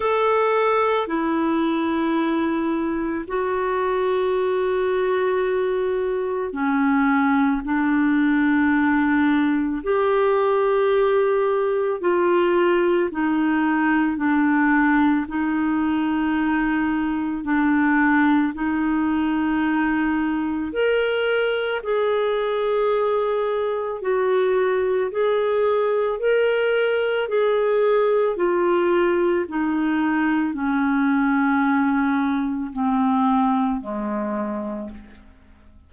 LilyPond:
\new Staff \with { instrumentName = "clarinet" } { \time 4/4 \tempo 4 = 55 a'4 e'2 fis'4~ | fis'2 cis'4 d'4~ | d'4 g'2 f'4 | dis'4 d'4 dis'2 |
d'4 dis'2 ais'4 | gis'2 fis'4 gis'4 | ais'4 gis'4 f'4 dis'4 | cis'2 c'4 gis4 | }